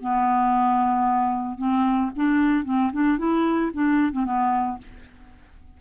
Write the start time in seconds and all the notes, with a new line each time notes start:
0.00 B3
1.58 C4
2.16 D4
2.65 C4
2.92 D4
3.18 E4
3.73 D4
4.12 C4
4.25 B3